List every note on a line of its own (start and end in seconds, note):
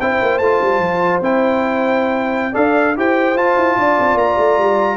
0.00 0.20 C4
0.00 0.42 E4
0.00 2.52 C5
0.00 0.38 G5
0.22 0.39 A#3
0.38 0.60 A3
0.38 1.23 F4
0.38 1.20 A5
0.61 0.78 G3
0.78 1.19 F3
1.21 2.53 C4
1.21 2.53 E4
1.21 2.55 G5
2.52 2.96 D4
2.52 2.94 A4
2.52 2.93 D5
2.52 2.96 F5
2.96 3.35 E4
2.96 3.36 G4
2.96 3.78 C5
2.96 3.37 G5
3.35 3.55 F4
3.35 4.96 F4
3.35 4.18 A5
3.56 3.77 E4
3.77 3.98 D4
3.77 4.96 D5
4.00 4.14 C4
4.14 4.35 A#3
4.14 4.96 A#5
4.38 4.58 A3
4.58 4.96 G3